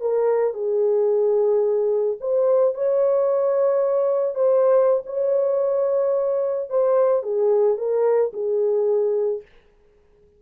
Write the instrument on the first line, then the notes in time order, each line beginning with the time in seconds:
horn
0.00 A#4
0.53 G#4
2.20 C5
2.74 C#5
4.34 C5
5.06 C#5
6.69 C5
7.22 G#4
7.77 A#4
8.33 G#4